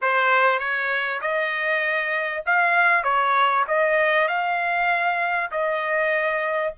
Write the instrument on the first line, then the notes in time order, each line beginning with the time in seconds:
trumpet
0.01 C5
0.59 C#5
1.21 D#5
2.45 F5
3.03 C#5
3.67 D#5
4.27 F5
5.51 D#5